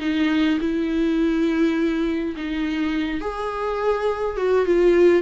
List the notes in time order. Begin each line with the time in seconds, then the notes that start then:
0.00 D#4
0.60 E4
2.36 D#4
3.21 G#4
4.37 F#4
4.65 F4